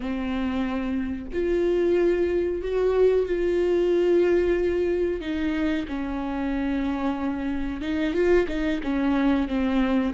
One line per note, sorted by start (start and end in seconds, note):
0.00 1.26 C4
1.33 2.62 F4
2.62 3.26 F#4
3.26 5.21 F4
5.21 5.86 D#4
5.88 7.81 C#4
7.81 8.13 D#4
8.14 8.46 F4
8.48 8.80 D#4
8.83 9.47 C#4
9.47 10.13 C4